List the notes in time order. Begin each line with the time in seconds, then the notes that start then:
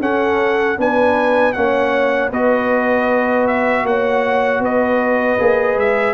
0.00 C#4 A4 F#5
0.77 B3 D4 B4 G#5
1.53 A#3 C#4 C#5 F#5
2.30 B3 F#4 B4 D#5
3.47 E5
3.83 A#3 C#5 F#5
4.60 B3 B4 D#5
5.39 A#3 G#4
5.76 G#3 E5